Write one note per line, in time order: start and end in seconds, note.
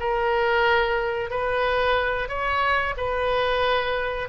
0.00 1.30 A#4
1.30 2.29 B4
2.29 2.95 C#5
2.97 4.29 B4